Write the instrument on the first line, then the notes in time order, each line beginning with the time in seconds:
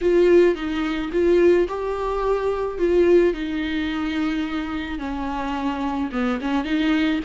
viola
0.01 F4
0.55 D#4
1.12 F4
1.68 G4
2.78 F4
3.33 D#4
4.98 C#4
6.11 B3
6.41 C#4
6.64 D#4